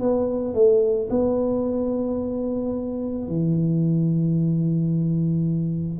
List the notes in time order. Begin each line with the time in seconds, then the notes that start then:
0.00 B3
0.55 A3
1.10 B3
3.28 E3